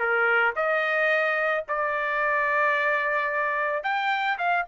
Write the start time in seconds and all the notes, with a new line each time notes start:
0.00 A#4
0.56 D#5
1.69 D5
3.84 G5
4.39 F5